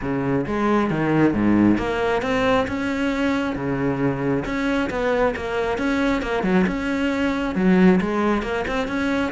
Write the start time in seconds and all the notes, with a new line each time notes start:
0.01 C#3
0.46 G#3
0.90 D#3
1.33 G#2
1.77 A#3
2.22 C4
2.67 C#4
3.55 C#3
4.45 C#4
4.89 B3
5.36 A#3
5.78 C#4
6.22 A#3
6.43 F#3
6.66 C#4
7.55 F#3
8.01 G#3
8.42 A#3
8.67 C4
8.87 C#4